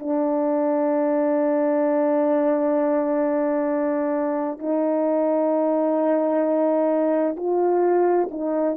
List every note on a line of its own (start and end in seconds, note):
0.00 4.59 D4
4.59 7.36 D#4
7.37 8.30 F4
8.32 8.77 D#4